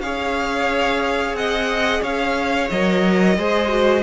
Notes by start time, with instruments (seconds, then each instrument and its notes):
0.00 cello C#4, viola G#4, violin C#5 F5
1.33 cello C4, violin D#5 F#5
2.01 cello C#4, violin C#5 F5
2.69 cello F#3, viola A#4, violin D#5
3.37 cello G#3, viola G#4, violin C5
3.68 viola F#4